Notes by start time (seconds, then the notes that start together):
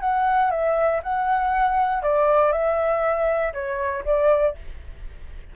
0.00 F#5
0.50 E5
1.03 F#5
2.03 D5
2.52 E5
3.53 C#5
4.05 D5